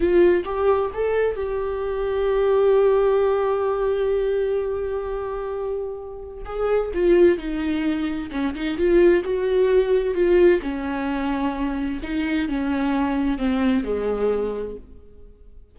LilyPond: \new Staff \with { instrumentName = "viola" } { \time 4/4 \tempo 4 = 130 f'4 g'4 a'4 g'4~ | g'1~ | g'1~ | g'2 gis'4 f'4 |
dis'2 cis'8 dis'8 f'4 | fis'2 f'4 cis'4~ | cis'2 dis'4 cis'4~ | cis'4 c'4 gis2 | }